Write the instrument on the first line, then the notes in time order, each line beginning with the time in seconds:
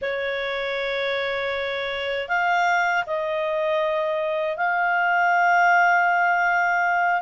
clarinet
0.01 C#5
2.28 F5
3.06 D#5
4.56 F5